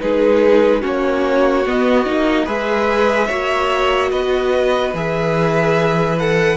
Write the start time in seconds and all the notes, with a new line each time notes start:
0.00 G#3 D#4 G#4 B4
0.81 A#3 C#4 F#4 C#5
1.65 B3 D#5
2.06 A#3 D#4
2.45 G#3 G#4 B4 E5
3.27 A#3 F#4 C#5
4.11 B3 B4 D#5
4.93 E3 G#4 E5
6.19 A4 F#5